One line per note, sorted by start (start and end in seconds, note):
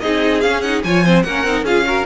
0.00 0.44 C4
0.00 0.43 D#4
0.00 0.84 G#4
0.00 0.41 D#5
0.41 0.84 C#4
0.41 0.64 C#4
0.41 0.61 F5
0.61 0.84 D#4
0.61 0.82 F#5
0.84 1.24 F3
0.84 1.05 F4
0.84 1.04 C#5
0.84 1.22 G#5
1.04 1.25 C4
1.04 1.25 C5
1.22 1.44 A#3
1.22 1.47 C#4
1.22 1.64 A#4
1.22 1.64 F#5
1.44 1.62 C4
1.44 1.66 D#4
1.62 2.03 C#4
1.62 1.84 F4
1.62 1.85 G#4
1.62 2.05 F5
1.84 2.05 F#4
1.84 2.05 A#4